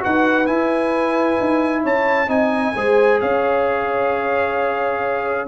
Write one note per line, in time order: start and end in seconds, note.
0.00 0.49 D#4
0.00 0.45 F#4
0.00 1.83 B4
0.00 0.47 F#5
0.46 2.28 E4
0.46 1.40 E4
0.46 1.83 G#5
1.41 1.85 D#4
1.83 2.29 C#4
1.83 2.29 C#5
1.83 2.30 A5
2.28 2.74 C4
2.28 2.73 D#4
2.28 2.75 D#5
2.28 3.21 G#5
2.76 3.22 G#3
2.76 5.48 G#4
2.76 3.21 C5
3.21 5.48 C#4
3.21 5.48 C#5
3.21 5.48 F5